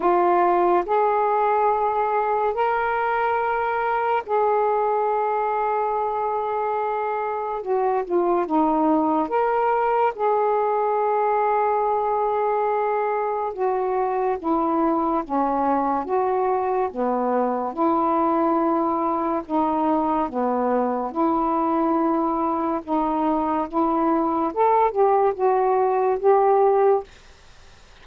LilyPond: \new Staff \with { instrumentName = "saxophone" } { \time 4/4 \tempo 4 = 71 f'4 gis'2 ais'4~ | ais'4 gis'2.~ | gis'4 fis'8 f'8 dis'4 ais'4 | gis'1 |
fis'4 e'4 cis'4 fis'4 | b4 e'2 dis'4 | b4 e'2 dis'4 | e'4 a'8 g'8 fis'4 g'4 | }